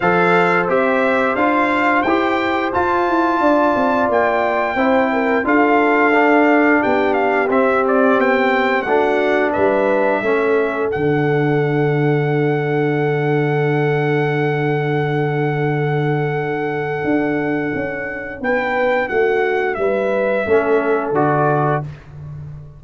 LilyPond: <<
  \new Staff \with { instrumentName = "trumpet" } { \time 4/4 \tempo 4 = 88 f''4 e''4 f''4 g''4 | a''2 g''2 | f''2 g''8 f''8 e''8 d''8 | g''4 fis''4 e''2 |
fis''1~ | fis''1~ | fis''2. g''4 | fis''4 e''2 d''4 | }
  \new Staff \with { instrumentName = "horn" } { \time 4/4 c''1~ | c''4 d''2 c''8 ais'8 | a'2 g'2~ | g'4 fis'4 b'4 a'4~ |
a'1~ | a'1~ | a'2. b'4 | fis'4 b'4 a'2 | }
  \new Staff \with { instrumentName = "trombone" } { \time 4/4 a'4 g'4 f'4 g'4 | f'2. e'4 | f'4 d'2 c'4~ | c'4 d'2 cis'4 |
d'1~ | d'1~ | d'1~ | d'2 cis'4 fis'4 | }
  \new Staff \with { instrumentName = "tuba" } { \time 4/4 f4 c'4 d'4 e'4 | f'8 e'8 d'8 c'8 ais4 c'4 | d'2 b4 c'4 | b4 a4 g4 a4 |
d1~ | d1~ | d4 d'4 cis'4 b4 | a4 g4 a4 d4 | }
>>